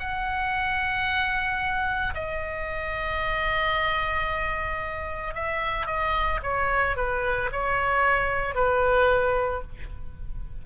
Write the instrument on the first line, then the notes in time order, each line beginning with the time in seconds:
oboe
0.00 F#5
2.15 D#5
5.35 E5
5.87 D#5
6.43 C#5
6.97 B4
7.52 C#5
8.55 B4